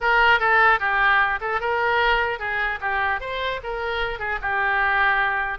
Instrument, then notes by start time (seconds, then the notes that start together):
oboe
0.01 A#4
0.39 A4
0.79 G4
1.40 A4
1.60 A#4
2.39 G#4
2.80 G4
3.20 C5
3.63 A#4
4.19 G#4
4.41 G4